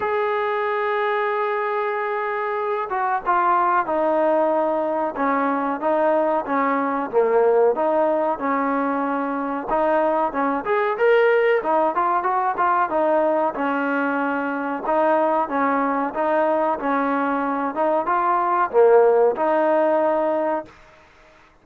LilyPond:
\new Staff \with { instrumentName = "trombone" } { \time 4/4 \tempo 4 = 93 gis'1~ | gis'8 fis'8 f'4 dis'2 | cis'4 dis'4 cis'4 ais4 | dis'4 cis'2 dis'4 |
cis'8 gis'8 ais'4 dis'8 f'8 fis'8 f'8 | dis'4 cis'2 dis'4 | cis'4 dis'4 cis'4. dis'8 | f'4 ais4 dis'2 | }